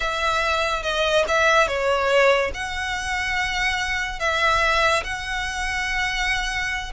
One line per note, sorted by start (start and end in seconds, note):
0.00 0.82 E5
0.82 1.24 D#5
1.27 1.67 E5
1.67 2.51 C#5
2.54 4.19 F#5
4.19 5.03 E5
5.03 6.92 F#5